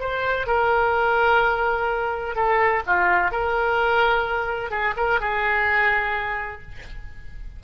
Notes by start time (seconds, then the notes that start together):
0.00 C5
0.47 A#4
2.35 A4
2.86 F4
3.32 A#4
4.71 G#4
4.97 A#4
5.20 G#4